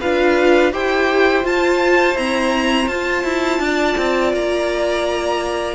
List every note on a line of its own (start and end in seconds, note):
0.00 0.72 D4
0.00 0.72 F4
0.00 0.72 B4
0.00 0.73 F5
0.72 1.44 E4
0.72 1.42 G4
0.72 3.61 C5
0.72 1.45 G5
1.42 2.14 F4
1.42 2.17 A5
2.14 2.90 C4
2.14 2.86 E4
2.14 2.87 A#5
2.87 3.24 F4
2.87 5.74 F4
2.87 4.32 A5
3.24 3.59 E4
3.59 3.95 D4
3.59 5.74 D5
3.97 4.33 C4
4.33 5.74 A#3
4.33 5.74 A#5